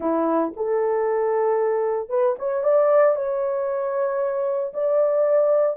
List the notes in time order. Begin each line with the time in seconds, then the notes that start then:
0.00 E4
0.56 A4
2.09 B4
2.39 C#5
2.63 D5
3.15 C#5
4.73 D5